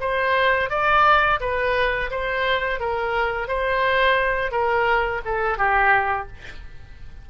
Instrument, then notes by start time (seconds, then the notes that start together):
oboe
0.00 C5
0.70 D5
1.40 B4
2.11 C5
2.80 A#4
3.48 C5
4.51 A#4
5.25 A4
5.58 G4